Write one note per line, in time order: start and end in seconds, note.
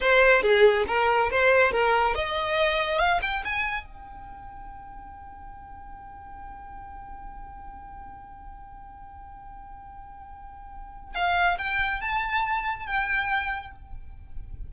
0.00 0.42 C5
0.42 0.85 G#4
0.87 1.30 A#4
1.30 1.71 C5
1.71 2.14 A#4
2.14 2.99 D#5
2.99 3.20 F5
3.22 3.43 G5
3.44 3.86 G#5
3.86 11.14 G5
11.14 11.57 F5
11.58 12.00 G5
12.00 12.86 A5
12.86 13.72 G5